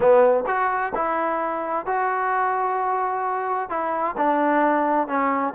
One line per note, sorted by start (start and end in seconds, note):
0.00 0.44 B3
0.46 0.93 F#4
0.94 1.86 E4
1.86 3.69 F#4
3.69 4.15 E4
4.17 5.07 D4
5.07 5.53 C#4